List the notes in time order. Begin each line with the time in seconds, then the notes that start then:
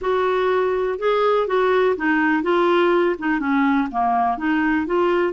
0.01 F#4
0.99 G#4
1.47 F#4
1.96 D#4
2.43 F4
3.18 D#4
3.39 C#4
3.91 A#3
4.37 D#4
4.86 F4